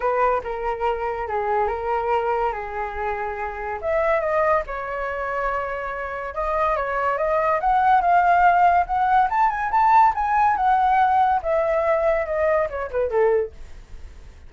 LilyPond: \new Staff \with { instrumentName = "flute" } { \time 4/4 \tempo 4 = 142 b'4 ais'2 gis'4 | ais'2 gis'2~ | gis'4 e''4 dis''4 cis''4~ | cis''2. dis''4 |
cis''4 dis''4 fis''4 f''4~ | f''4 fis''4 a''8 gis''8 a''4 | gis''4 fis''2 e''4~ | e''4 dis''4 cis''8 b'8 a'4 | }